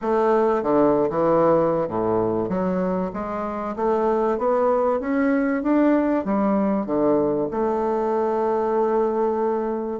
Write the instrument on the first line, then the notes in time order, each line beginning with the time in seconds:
bassoon
0.01 A3
0.62 D3
1.10 E3
1.88 A2
2.48 F#3
3.13 G#3
3.76 A3
4.38 B3
5.00 C#4
5.62 D4
6.24 G3
6.86 D3
7.51 A3